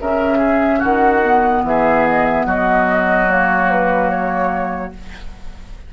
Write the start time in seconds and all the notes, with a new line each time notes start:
0.00 C#3 C#4 A#4 E5
0.38 G#4
0.79 D#3 F#4 F#5
1.23 B3
1.63 E3 G#4 E5
2.09 D#5
2.26 E5
2.46 F#3 F#4 D#5
3.28 A#3 C#5
3.71 B4
4.10 C#5